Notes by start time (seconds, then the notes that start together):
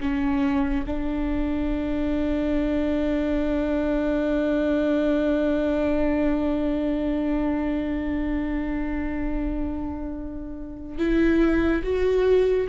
0.00 C#4
0.86 D4
10.98 E4
11.83 F#4